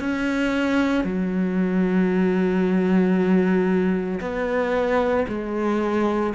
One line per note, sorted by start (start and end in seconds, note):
0.00 1.04 C#4
1.04 4.20 F#3
4.21 5.26 B3
5.28 6.33 G#3